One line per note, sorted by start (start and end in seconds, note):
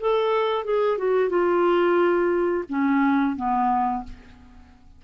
0.00 0.64 A4
0.64 0.97 G#4
0.97 1.29 F#4
1.29 2.64 F4
2.68 3.36 C#4
3.36 4.03 B3